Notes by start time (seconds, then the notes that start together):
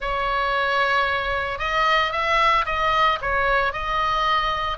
0.00 C#5
1.58 D#5
2.12 E5
2.65 D#5
3.21 C#5
3.73 D#5